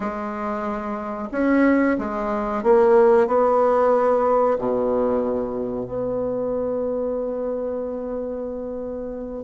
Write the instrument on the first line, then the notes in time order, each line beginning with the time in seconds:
bassoon
0.00 G#3
1.31 C#4
1.98 G#3
2.63 A#3
3.27 B3
4.58 B2
5.86 B3